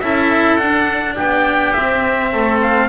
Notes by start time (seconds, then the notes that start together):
0.00 C#4 E4 A4 E5
0.57 D4 F#5
1.15 B3 G4 G5
1.73 C4 E5
2.32 A3 A4
2.62 F5